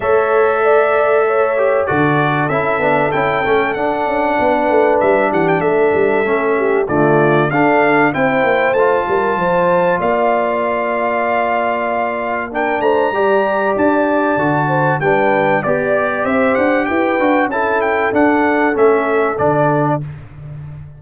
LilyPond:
<<
  \new Staff \with { instrumentName = "trumpet" } { \time 4/4 \tempo 4 = 96 e''2. d''4 | e''4 g''4 fis''2 | e''8 fis''16 g''16 e''2 d''4 | f''4 g''4 a''2 |
f''1 | g''8 ais''4. a''2 | g''4 d''4 e''8 fis''8 g''4 | a''8 g''8 fis''4 e''4 d''4 | }
  \new Staff \with { instrumentName = "horn" } { \time 4/4 cis''4 d''4 cis''4 a'4~ | a'2. b'4~ | b'8 g'8 a'4. g'8 f'4 | a'4 c''4. ais'8 c''4 |
d''1 | ais'8 c''8 d''2~ d''8 c''8 | b'4 d''4 c''4 b'4 | a'1 | }
  \new Staff \with { instrumentName = "trombone" } { \time 4/4 a'2~ a'8 g'8 fis'4 | e'8 d'8 e'8 cis'8 d'2~ | d'2 cis'4 a4 | d'4 e'4 f'2~ |
f'1 | d'4 g'2 fis'4 | d'4 g'2~ g'8 fis'8 | e'4 d'4 cis'4 d'4 | }
  \new Staff \with { instrumentName = "tuba" } { \time 4/4 a2. d4 | cis'8 b8 cis'8 a8 d'8 cis'8 b8 a8 | g8 e8 a8 g8 a4 d4 | d'4 c'8 ais8 a8 g8 f4 |
ais1~ | ais8 a8 g4 d'4 d4 | g4 b4 c'8 d'8 e'8 d'8 | cis'4 d'4 a4 d4 | }
>>